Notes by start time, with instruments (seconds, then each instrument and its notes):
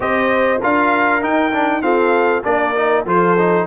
0.00 tuba C4, trombone G4, horn C5, trumpet D#5
0.60 tuba D4, trombone F4, horn A#4, trumpet F5
1.21 trombone D#4, tuba D#4, trumpet G5
1.52 trombone D4
1.81 trombone C4, tuba F4, horn A4, trumpet F5
2.44 tuba A#3, trombone D4, horn A#4, trumpet D5
2.75 trombone D#4
3.05 tuba F3, trombone F4, horn A4, trumpet C5
3.38 trombone D#4